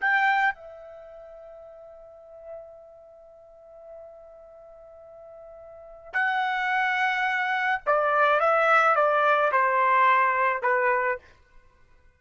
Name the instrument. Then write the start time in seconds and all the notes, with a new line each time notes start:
trumpet
0.00 G5
0.55 E5
6.13 F#5
7.86 D5
8.40 E5
8.95 D5
9.52 C5
10.62 B4